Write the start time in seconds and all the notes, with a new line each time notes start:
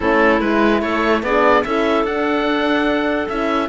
0.00 A3 C#4 E4 A4
0.40 G#3 E4 B4
0.81 A3 A4 C#5
1.23 B3 D4 G#4 D5
1.63 C#4 E4 A4 E5
2.03 D4 F#5
3.28 C#4 E4 E5